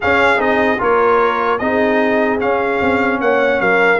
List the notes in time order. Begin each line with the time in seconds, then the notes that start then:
0.00 C#4 G#4 F5
0.37 C4 D#4 D#5
0.79 A#3 F4 A#4 C#5
1.58 C4 D#4 G#4 D#5
2.39 C#4 F5
2.81 C4
3.20 A#3 C#5 F#5
3.60 F#3 A#4 F5